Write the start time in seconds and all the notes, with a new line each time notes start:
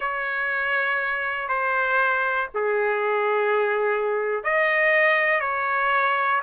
0.00 C#5
1.48 C5
2.54 G#4
4.43 D#5
5.40 C#5